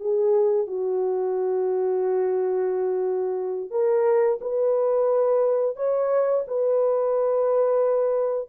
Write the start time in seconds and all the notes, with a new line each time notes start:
0.00 G#4
0.68 F#4
3.71 A#4
4.41 B4
5.76 C#5
6.48 B4